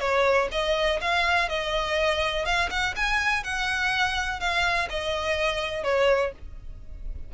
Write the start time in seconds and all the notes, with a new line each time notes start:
0.00 C#5
0.52 D#5
1.01 F5
1.49 D#5
2.45 F5
2.70 F#5
2.96 G#5
3.44 F#5
4.40 F5
4.90 D#5
5.84 C#5